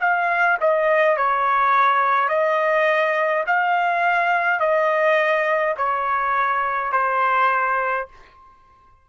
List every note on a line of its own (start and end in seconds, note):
0.00 0.58 F5
0.61 1.17 D#5
1.17 2.29 C#5
2.29 3.44 D#5
3.47 4.59 F5
4.59 5.75 D#5
5.77 6.92 C#5
6.92 8.08 C5